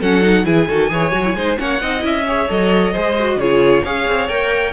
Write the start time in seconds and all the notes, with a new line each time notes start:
0.00 F#3 C#4 A4 F#5
0.22 D#4
0.45 E3 E4 G#4 G#5
0.69 D#3 F#4 A4
0.90 E3 G#4 C#5
1.12 F#3 F#4
1.25 E4
1.35 G#3 D#4 C5
1.58 A#3 C#4 C#5 F#5
1.82 C4 D#4 D#5
2.00 C#4 E4
2.06 E5
2.27 G#4 C#5
2.49 F#3 A4 D#5
2.93 G#3 G#4 C5
3.20 F#4
3.37 C#3 F4 G#4 C#5
3.84 C#4 G#4 C#5 F5
4.08 C4
4.29 A#3 A#4 G5